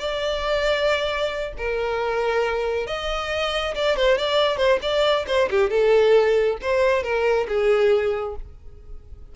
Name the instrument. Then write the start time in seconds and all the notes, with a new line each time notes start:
violin
0.00 D5
1.58 A#4
2.87 D#5
3.75 D5
3.97 C5
4.18 D5
4.58 C5
4.82 D5
5.28 C5
5.51 G4
5.71 A4
6.62 C5
7.04 A#4
7.48 G#4